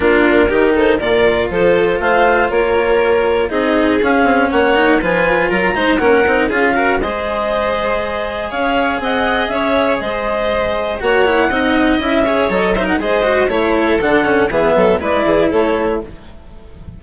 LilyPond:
<<
  \new Staff \with { instrumentName = "clarinet" } { \time 4/4 \tempo 4 = 120 ais'4. c''8 d''4 c''4 | f''4 cis''2 dis''4 | f''4 fis''4 gis''4 ais''4 | fis''4 f''4 dis''2~ |
dis''4 f''4 fis''4 e''4 | dis''2 fis''2 | e''4 dis''8 e''16 fis''16 dis''4 cis''4 | fis''4 e''4 d''4 cis''4 | }
  \new Staff \with { instrumentName = "violin" } { \time 4/4 f'4 g'8 a'8 ais'4 a'4 | c''4 ais'2 gis'4~ | gis'4 cis''4 b'4 ais'8 c''8 | ais'4 gis'8 ais'8 c''2~ |
c''4 cis''4 dis''4 cis''4 | c''2 cis''4 dis''4~ | dis''8 cis''4 c''16 ais'16 c''4 cis''8 a'8~ | a'4 gis'8 a'8 b'8 gis'8 a'4 | }
  \new Staff \with { instrumentName = "cello" } { \time 4/4 d'4 dis'4 f'2~ | f'2. dis'4 | cis'4. dis'8 f'4. dis'8 | cis'8 dis'8 f'8 fis'8 gis'2~ |
gis'1~ | gis'2 fis'8 e'8 dis'4 | e'8 gis'8 a'8 dis'8 gis'8 fis'8 e'4 | d'8 cis'8 b4 e'2 | }
  \new Staff \with { instrumentName = "bassoon" } { \time 4/4 ais4 dis4 ais,4 f4 | a4 ais2 c'4 | cis'8 c'8 ais4 f4 fis8 gis8 | ais8 c'8 cis'4 gis2~ |
gis4 cis'4 c'4 cis'4 | gis2 ais4 c'4 | cis'4 fis4 gis4 a4 | d4 e8 fis8 gis8 e8 a4 | }
>>